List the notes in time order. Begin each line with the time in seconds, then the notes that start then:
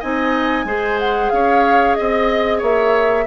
0.00 C4 D#4 D#5 G#5
0.65 G#3 G#4 C5
0.99 F#5
1.29 C#4 C#5 F5
1.95 C4 D#5
2.58 A#3 C#5 E5